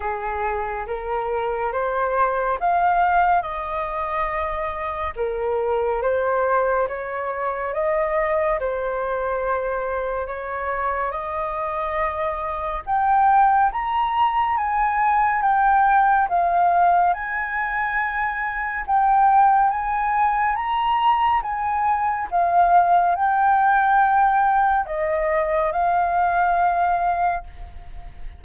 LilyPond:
\new Staff \with { instrumentName = "flute" } { \time 4/4 \tempo 4 = 70 gis'4 ais'4 c''4 f''4 | dis''2 ais'4 c''4 | cis''4 dis''4 c''2 | cis''4 dis''2 g''4 |
ais''4 gis''4 g''4 f''4 | gis''2 g''4 gis''4 | ais''4 gis''4 f''4 g''4~ | g''4 dis''4 f''2 | }